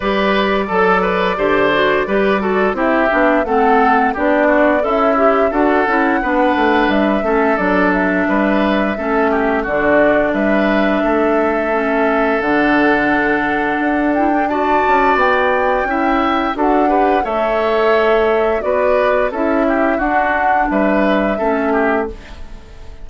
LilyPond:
<<
  \new Staff \with { instrumentName = "flute" } { \time 4/4 \tempo 4 = 87 d''1 | e''4 fis''4 d''4 e''4 | fis''2 e''4 d''8 e''8~ | e''2 d''4 e''4~ |
e''2 fis''2~ | fis''8 g''8 a''4 g''2 | fis''4 e''2 d''4 | e''4 fis''4 e''2 | }
  \new Staff \with { instrumentName = "oboe" } { \time 4/4 b'4 a'8 b'8 c''4 b'8 a'8 | g'4 a'4 g'8 fis'8 e'4 | a'4 b'4. a'4. | b'4 a'8 g'8 fis'4 b'4 |
a'1~ | a'4 d''2 e''4 | a'8 b'8 cis''2 b'4 | a'8 g'8 fis'4 b'4 a'8 g'8 | }
  \new Staff \with { instrumentName = "clarinet" } { \time 4/4 g'4 a'4 g'8 fis'8 g'8 fis'8 | e'8 d'8 c'4 d'4 a'8 g'8 | fis'8 e'8 d'4. cis'8 d'4~ | d'4 cis'4 d'2~ |
d'4 cis'4 d'2~ | d'8 e'16 d'16 fis'2 e'4 | fis'8 g'8 a'2 fis'4 | e'4 d'2 cis'4 | }
  \new Staff \with { instrumentName = "bassoon" } { \time 4/4 g4 fis4 d4 g4 | c'8 b8 a4 b4 cis'4 | d'8 cis'8 b8 a8 g8 a8 fis4 | g4 a4 d4 g4 |
a2 d2 | d'4. cis'8 b4 cis'4 | d'4 a2 b4 | cis'4 d'4 g4 a4 | }
>>